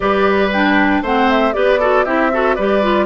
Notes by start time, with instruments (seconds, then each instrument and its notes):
0.00 bassoon G3, clarinet G4, oboe B4, flute D5
0.52 clarinet D4, flute G5
1.01 bassoon A3, clarinet C4, oboe C5, flute F#5
1.30 flute E5
1.53 bassoon B3, clarinet G4, oboe B4, flute D5
1.79 clarinet F#4, oboe A4
2.04 bassoon C4, clarinet E4, oboe G4, flute E5
2.32 clarinet F#4, oboe A4
2.54 bassoon G3, clarinet G4, oboe B4, flute D5
2.82 clarinet F4